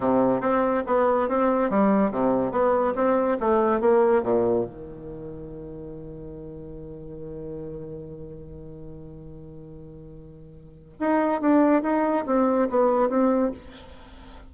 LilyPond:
\new Staff \with { instrumentName = "bassoon" } { \time 4/4 \tempo 4 = 142 c4 c'4 b4 c'4 | g4 c4 b4 c'4 | a4 ais4 ais,4 dis4~ | dis1~ |
dis1~ | dis1~ | dis2 dis'4 d'4 | dis'4 c'4 b4 c'4 | }